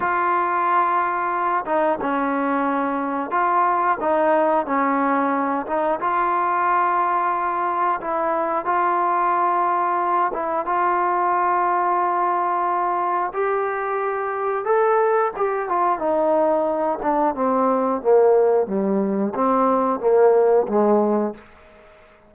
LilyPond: \new Staff \with { instrumentName = "trombone" } { \time 4/4 \tempo 4 = 90 f'2~ f'8 dis'8 cis'4~ | cis'4 f'4 dis'4 cis'4~ | cis'8 dis'8 f'2. | e'4 f'2~ f'8 e'8 |
f'1 | g'2 a'4 g'8 f'8 | dis'4. d'8 c'4 ais4 | g4 c'4 ais4 gis4 | }